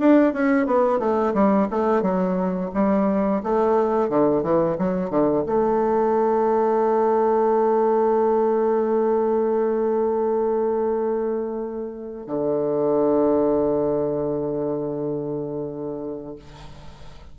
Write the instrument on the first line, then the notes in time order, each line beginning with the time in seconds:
bassoon
0.00 D4
0.33 C#4
0.67 B3
0.99 A3
1.34 G3
1.70 A3
2.02 F#3
2.74 G3
3.43 A3
4.09 D3
4.43 E3
4.79 F#3
5.10 D3
5.46 A3
12.27 D3